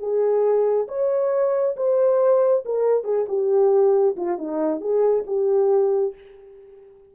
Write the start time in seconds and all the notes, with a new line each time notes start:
0.00 G#4
0.89 C#5
1.77 C5
2.66 A#4
3.05 G#4
3.29 G4
4.17 F4
4.38 D#4
4.81 G#4
5.27 G4